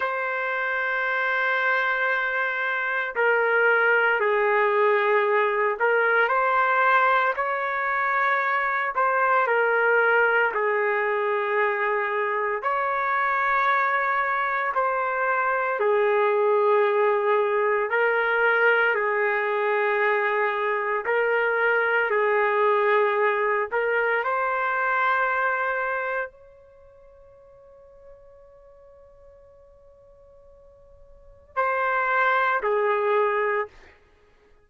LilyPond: \new Staff \with { instrumentName = "trumpet" } { \time 4/4 \tempo 4 = 57 c''2. ais'4 | gis'4. ais'8 c''4 cis''4~ | cis''8 c''8 ais'4 gis'2 | cis''2 c''4 gis'4~ |
gis'4 ais'4 gis'2 | ais'4 gis'4. ais'8 c''4~ | c''4 cis''2.~ | cis''2 c''4 gis'4 | }